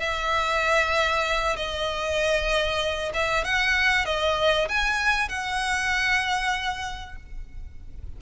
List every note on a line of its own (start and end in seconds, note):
0.00 1.56 E5
1.56 3.12 D#5
3.14 3.44 E5
3.44 4.05 F#5
4.05 4.68 D#5
4.68 5.29 G#5
5.29 7.16 F#5